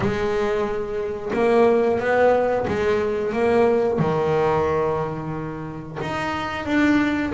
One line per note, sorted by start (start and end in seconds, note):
0.00 1.31 G#3
1.33 1.99 A#3
1.99 2.66 B3
2.67 3.32 G#3
3.32 3.98 A#3
3.98 5.98 D#3
6.01 6.65 D#4
6.65 7.32 D4